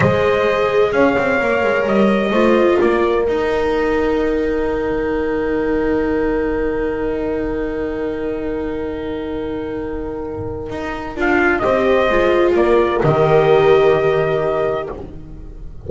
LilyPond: <<
  \new Staff \with { instrumentName = "trumpet" } { \time 4/4 \tempo 4 = 129 dis''2 f''2 | dis''2 d''4 g''4~ | g''1~ | g''1~ |
g''1~ | g''1 | f''4 dis''2 d''4 | dis''1 | }
  \new Staff \with { instrumentName = "horn" } { \time 4/4 c''2 cis''2~ | cis''4 c''4 ais'2~ | ais'1~ | ais'1~ |
ais'1~ | ais'1~ | ais'4 c''2 ais'4~ | ais'1 | }
  \new Staff \with { instrumentName = "viola" } { \time 4/4 gis'2. ais'4~ | ais'4 f'2 dis'4~ | dis'1~ | dis'1~ |
dis'1~ | dis'1 | f'4 g'4 f'2 | g'1 | }
  \new Staff \with { instrumentName = "double bass" } { \time 4/4 gis2 cis'8 c'8 ais8 gis8 | g4 a4 ais4 dis'4~ | dis'2~ dis'8 dis4.~ | dis1~ |
dis1~ | dis2. dis'4 | d'4 c'4 gis4 ais4 | dis1 | }
>>